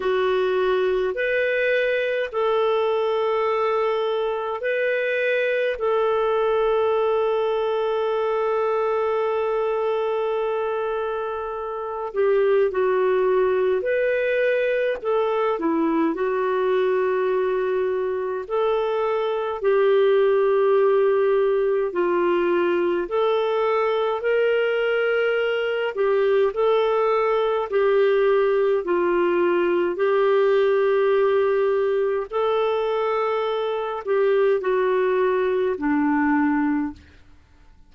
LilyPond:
\new Staff \with { instrumentName = "clarinet" } { \time 4/4 \tempo 4 = 52 fis'4 b'4 a'2 | b'4 a'2.~ | a'2~ a'8 g'8 fis'4 | b'4 a'8 e'8 fis'2 |
a'4 g'2 f'4 | a'4 ais'4. g'8 a'4 | g'4 f'4 g'2 | a'4. g'8 fis'4 d'4 | }